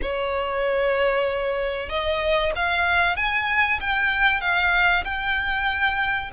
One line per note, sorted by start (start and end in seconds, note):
0.01 1.89 C#5
1.89 2.52 D#5
2.56 3.16 F5
3.16 3.79 G#5
3.80 4.40 G5
4.40 5.04 F5
5.04 6.30 G5